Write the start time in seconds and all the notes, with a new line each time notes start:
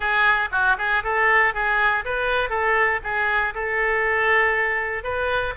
0.00 G#4
0.51 F#4
0.77 G#4
1.03 A4
1.54 G#4
2.04 B4
2.49 A4
3.03 G#4
3.54 A4
5.03 B4